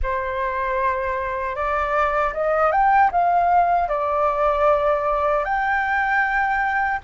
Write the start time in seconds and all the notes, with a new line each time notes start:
0.02 C5
1.55 D5
2.33 D#5
2.71 G5
3.11 F5
3.88 D5
5.44 G5